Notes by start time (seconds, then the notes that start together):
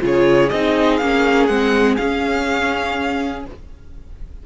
0.00 C#3 F4 G#4
0.06 C#5
0.49 C4 D#4 D#5
0.97 A#3 C#4 F5
1.47 G#3 C4 F#5
1.97 C#4 F5